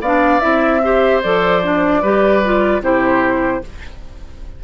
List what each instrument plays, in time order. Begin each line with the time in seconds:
0.00 bassoon B3, clarinet D4, oboe D5, flute F5
0.40 bassoon C4, clarinet E4, flute E5
0.83 clarinet G4, oboe C5
1.22 bassoon F3, clarinet A4, flute D5
1.62 clarinet D4
2.02 bassoon G3, clarinet G4, oboe B4
2.44 clarinet F4
2.80 bassoon C3, clarinet E4, oboe G4, flute C5